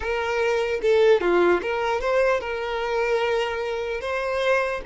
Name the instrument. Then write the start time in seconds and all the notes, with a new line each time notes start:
violin
0.00 A#4
0.82 A4
1.20 F4
1.61 A#4
2.00 C5
2.40 A#4
4.00 C5